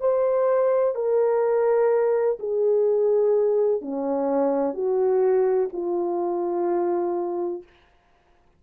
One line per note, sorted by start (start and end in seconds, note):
0.00 0.95 C5
0.95 2.38 A#4
2.39 3.81 G#4
3.81 4.74 C#4
4.74 5.69 F#4
5.72 7.63 F4